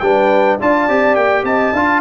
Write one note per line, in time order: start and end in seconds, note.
0.00 0.58 G3
0.00 0.60 D4
0.00 0.59 B4
0.00 0.57 G5
0.59 0.89 D4
0.59 0.89 F4
0.59 1.45 D5
0.59 1.16 A5
0.89 1.17 C4
0.89 1.75 G4
1.16 1.44 A#3
1.16 1.44 G5
1.44 1.72 C4
1.44 1.74 D#5
1.44 2.01 A5
1.73 2.01 D4
1.73 2.01 F4
1.73 2.01 F5